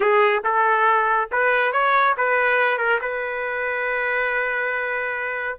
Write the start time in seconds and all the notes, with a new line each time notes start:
0.00 G#4
0.43 A4
1.31 B4
1.72 C#5
2.17 B4
2.77 A#4
3.01 B4